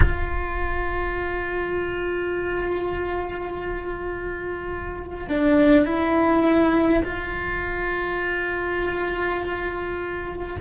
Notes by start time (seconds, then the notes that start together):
0.00 F4
5.28 D4
5.85 E4
7.03 F4